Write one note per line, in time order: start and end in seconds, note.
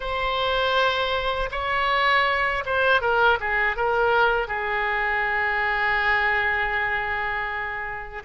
0.00 1.49 C5
1.51 2.64 C#5
2.65 3.01 C5
3.01 3.38 A#4
3.40 3.76 G#4
3.76 4.47 A#4
4.47 8.22 G#4